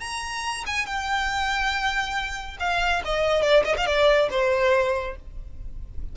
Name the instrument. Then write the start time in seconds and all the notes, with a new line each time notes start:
violin
0.00 A#5
0.66 G#5
0.86 G5
2.60 F5
3.05 D#5
3.42 D5
3.65 D#5
3.77 F5
3.86 D5
4.31 C5